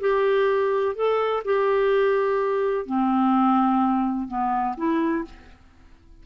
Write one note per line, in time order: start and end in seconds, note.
0.00 0.95 G4
0.95 1.43 A4
1.44 2.85 G4
2.85 4.28 C4
4.28 4.75 B3
4.77 5.24 E4